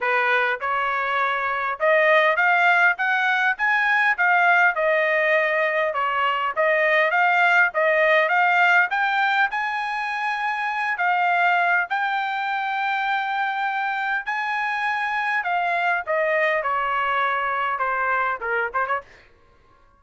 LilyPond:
\new Staff \with { instrumentName = "trumpet" } { \time 4/4 \tempo 4 = 101 b'4 cis''2 dis''4 | f''4 fis''4 gis''4 f''4 | dis''2 cis''4 dis''4 | f''4 dis''4 f''4 g''4 |
gis''2~ gis''8 f''4. | g''1 | gis''2 f''4 dis''4 | cis''2 c''4 ais'8 c''16 cis''16 | }